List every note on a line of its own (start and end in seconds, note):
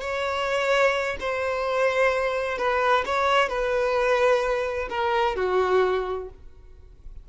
0.00 1.16 C#5
1.20 2.57 C5
2.57 3.04 B4
3.05 3.48 C#5
3.48 4.88 B4
4.89 5.36 A#4
5.36 6.29 F#4